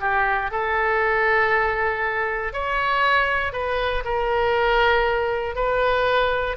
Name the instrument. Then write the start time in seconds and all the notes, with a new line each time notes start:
oboe
0.00 G4
0.51 A4
2.53 C#5
3.52 B4
4.04 A#4
5.55 B4